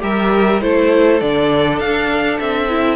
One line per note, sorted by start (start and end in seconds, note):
0.00 0.62 G3
0.00 0.59 G4
0.00 0.63 A#4
0.00 0.62 E5
0.61 1.22 A3
0.61 1.21 E4
0.61 2.97 A4
0.61 1.21 C5
1.21 1.80 D3
1.21 2.69 D4
1.21 1.80 D5
1.80 2.39 D4
1.80 2.39 F5
2.40 2.97 C4
2.40 2.97 E5
2.69 2.97 E4